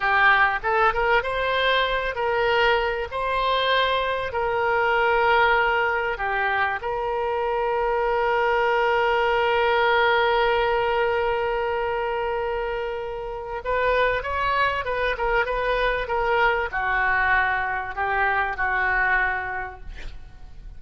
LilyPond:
\new Staff \with { instrumentName = "oboe" } { \time 4/4 \tempo 4 = 97 g'4 a'8 ais'8 c''4. ais'8~ | ais'4 c''2 ais'4~ | ais'2 g'4 ais'4~ | ais'1~ |
ais'1~ | ais'2 b'4 cis''4 | b'8 ais'8 b'4 ais'4 fis'4~ | fis'4 g'4 fis'2 | }